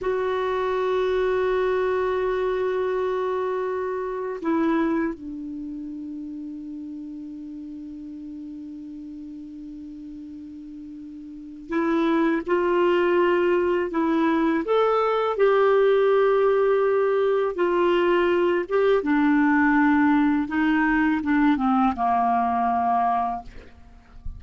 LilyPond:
\new Staff \with { instrumentName = "clarinet" } { \time 4/4 \tempo 4 = 82 fis'1~ | fis'2 e'4 d'4~ | d'1~ | d'1 |
e'4 f'2 e'4 | a'4 g'2. | f'4. g'8 d'2 | dis'4 d'8 c'8 ais2 | }